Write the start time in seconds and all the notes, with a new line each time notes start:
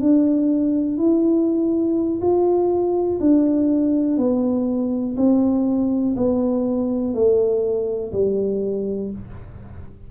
0.00 D4
0.97 E4
2.21 F4
3.20 D4
4.17 B3
5.16 C4
6.17 B3
7.14 A3
8.12 G3